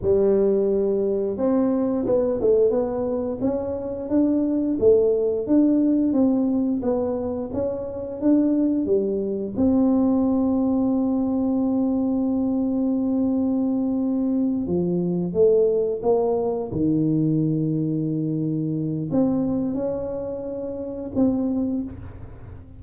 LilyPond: \new Staff \with { instrumentName = "tuba" } { \time 4/4 \tempo 4 = 88 g2 c'4 b8 a8 | b4 cis'4 d'4 a4 | d'4 c'4 b4 cis'4 | d'4 g4 c'2~ |
c'1~ | c'4. f4 a4 ais8~ | ais8 dis2.~ dis8 | c'4 cis'2 c'4 | }